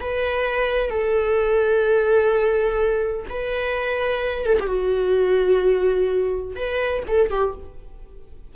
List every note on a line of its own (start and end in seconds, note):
0.00 0.90 B4
0.90 3.26 A4
3.29 4.46 B4
4.46 4.57 A4
4.60 4.67 G4
4.67 6.56 F#4
6.56 7.03 B4
7.08 7.30 A4
7.30 7.54 G4